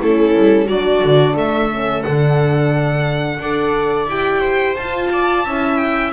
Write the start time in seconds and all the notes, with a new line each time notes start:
0.00 A3 C#4 E4 A4
0.36 G3
0.66 F#3 D4 F#4 D5
1.04 D3
1.34 A3 A4 E5
1.71 C#4
2.02 D3 D4 F#5
3.39 D4 A4 D5
4.06 E4 G4 G5
4.40 C5
4.76 F4 A5
5.12 D5
5.45 C#4 E4 E5
5.77 G5